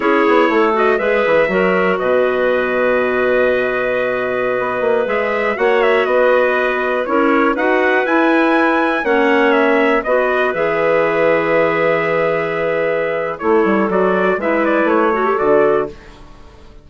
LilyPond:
<<
  \new Staff \with { instrumentName = "trumpet" } { \time 4/4 \tempo 4 = 121 cis''4. dis''8 e''2 | dis''1~ | dis''2~ dis''16 e''4 fis''8 e''16~ | e''16 dis''2 cis''4 fis''8.~ |
fis''16 gis''2 fis''4 e''8.~ | e''16 dis''4 e''2~ e''8.~ | e''2. cis''4 | d''4 e''8 d''8 cis''4 d''4 | }
  \new Staff \with { instrumentName = "clarinet" } { \time 4/4 gis'4 a'4 b'4 ais'4 | b'1~ | b'2.~ b'16 cis''8.~ | cis''16 b'2 ais'4 b'8.~ |
b'2~ b'16 cis''4.~ cis''16~ | cis''16 b'2.~ b'8.~ | b'2. a'4~ | a'4 b'4. a'4. | }
  \new Staff \with { instrumentName = "clarinet" } { \time 4/4 e'4. fis'8 gis'4 fis'4~ | fis'1~ | fis'2~ fis'16 gis'4 fis'8.~ | fis'2~ fis'16 e'4 fis'8.~ |
fis'16 e'2 cis'4.~ cis'16~ | cis'16 fis'4 gis'2~ gis'8.~ | gis'2. e'4 | fis'4 e'4. fis'16 g'16 fis'4 | }
  \new Staff \with { instrumentName = "bassoon" } { \time 4/4 cis'8 b8 a4 gis8 e8 fis4 | b,1~ | b,4~ b,16 b8 ais8 gis4 ais8.~ | ais16 b2 cis'4 dis'8.~ |
dis'16 e'2 ais4.~ ais16~ | ais16 b4 e2~ e8.~ | e2. a8 g8 | fis4 gis4 a4 d4 | }
>>